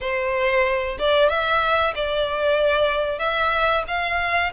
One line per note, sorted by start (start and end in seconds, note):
0.00 0.97 C5
0.99 1.29 D5
1.29 1.93 E5
1.95 3.18 D5
3.18 3.83 E5
3.87 4.52 F5